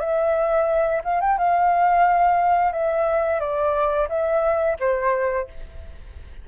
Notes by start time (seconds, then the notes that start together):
0.00 E5
1.04 F5
1.21 G5
1.38 F5
2.73 E5
3.40 D5
4.09 E5
4.80 C5